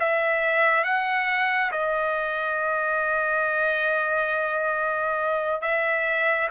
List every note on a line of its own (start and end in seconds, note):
0.00 0.85 E5
0.85 1.72 F#5
1.72 5.62 D#5
5.62 6.49 E5